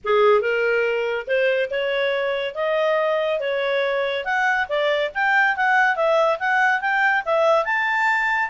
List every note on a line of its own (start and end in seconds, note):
0.04 0.41 G#4
0.41 1.26 A#4
1.27 1.69 C5
1.70 2.54 C#5
2.54 3.39 D#5
3.39 4.24 C#5
4.24 4.67 F#5
4.68 5.11 D5
5.14 5.56 G5
5.56 5.96 F#5
5.96 6.38 E5
6.39 6.80 F#5
6.80 7.23 G5
7.25 7.65 E5
7.65 8.50 A5